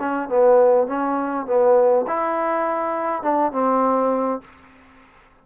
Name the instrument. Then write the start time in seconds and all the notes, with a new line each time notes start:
trombone
0.00 C#4
0.29 B3
0.87 C#4
1.47 B3
2.08 E4
3.23 D4
3.52 C4